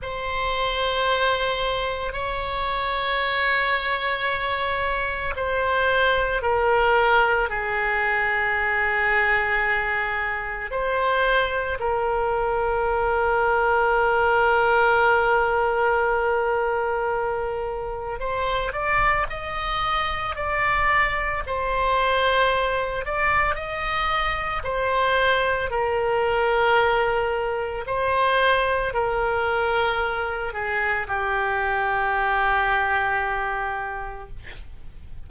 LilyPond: \new Staff \with { instrumentName = "oboe" } { \time 4/4 \tempo 4 = 56 c''2 cis''2~ | cis''4 c''4 ais'4 gis'4~ | gis'2 c''4 ais'4~ | ais'1~ |
ais'4 c''8 d''8 dis''4 d''4 | c''4. d''8 dis''4 c''4 | ais'2 c''4 ais'4~ | ais'8 gis'8 g'2. | }